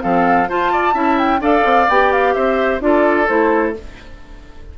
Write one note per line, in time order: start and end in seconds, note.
0.00 0.49 F3
0.00 0.47 C4
0.00 0.49 A4
0.00 0.48 F5
0.48 0.93 F4
0.48 0.94 F4
0.48 0.72 C5
0.48 1.18 A5
0.72 0.94 D5
0.93 1.40 C#4
0.93 1.39 E4
0.93 1.40 E5
1.18 1.41 G5
1.40 1.63 D4
1.40 1.87 A4
1.40 2.34 D5
1.40 1.89 F5
1.64 1.87 C4
1.89 2.35 B3
1.89 2.80 G4
1.89 2.12 G5
2.12 2.34 F5
2.34 2.80 C4
2.34 2.81 C5
2.34 2.80 E5
2.80 3.27 D4
2.80 3.26 F4
2.80 3.78 A4
2.80 3.27 D5
3.27 3.76 A3
3.27 3.73 E4
3.27 3.74 C5